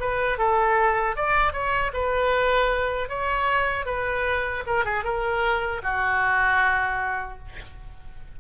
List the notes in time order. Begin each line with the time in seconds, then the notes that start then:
0.00 B4
0.38 A4
1.16 D5
1.53 C#5
1.93 B4
3.09 C#5
3.86 B4
4.67 A#4
4.85 G#4
5.04 A#4
5.83 F#4